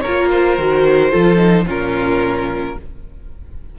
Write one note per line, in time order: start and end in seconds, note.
0.00 1.11 A#4
0.00 0.27 C#5
0.06 0.58 A#3
0.06 0.60 F4
0.31 1.67 C5
0.58 1.13 D#3
0.58 1.11 F#4
1.11 1.67 F3
1.11 1.37 F4
1.11 1.65 A4
1.37 1.64 D#4
1.66 2.76 A#2
1.66 2.76 C#4
1.66 2.76 F4
1.66 2.78 A#4